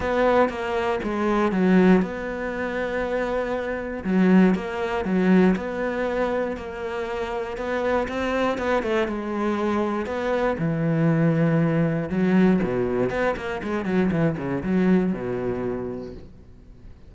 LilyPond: \new Staff \with { instrumentName = "cello" } { \time 4/4 \tempo 4 = 119 b4 ais4 gis4 fis4 | b1 | fis4 ais4 fis4 b4~ | b4 ais2 b4 |
c'4 b8 a8 gis2 | b4 e2. | fis4 b,4 b8 ais8 gis8 fis8 | e8 cis8 fis4 b,2 | }